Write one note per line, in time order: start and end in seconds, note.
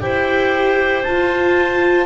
0.00 1.05 E4
0.00 1.03 G4
0.00 2.06 C5
0.00 1.03 G5
1.03 2.06 F4
1.03 2.06 A5